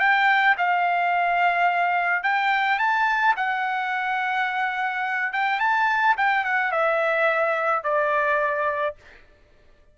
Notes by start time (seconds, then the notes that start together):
0.00 G5
0.58 F5
2.24 G5
2.79 A5
3.37 F#5
5.33 G5
5.60 A5
6.18 G5
6.45 F#5
6.72 E5
7.84 D5